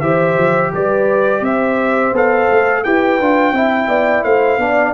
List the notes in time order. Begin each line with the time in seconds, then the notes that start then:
0.00 E3 G4 C5 E5
0.37 F3
0.73 G3 B4 D5
1.41 C4 C5 E5
2.12 B3 A4 F5
2.50 A3
2.83 E4 G4 B4 G5
3.20 D4 F4
3.52 C4 E4 E5
3.88 B3 D5
4.23 A3 C5 F5
4.57 B3 D4 D5